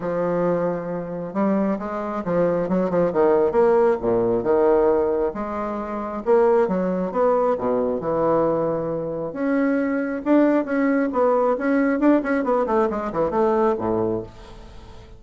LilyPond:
\new Staff \with { instrumentName = "bassoon" } { \time 4/4 \tempo 4 = 135 f2. g4 | gis4 f4 fis8 f8 dis4 | ais4 ais,4 dis2 | gis2 ais4 fis4 |
b4 b,4 e2~ | e4 cis'2 d'4 | cis'4 b4 cis'4 d'8 cis'8 | b8 a8 gis8 e8 a4 a,4 | }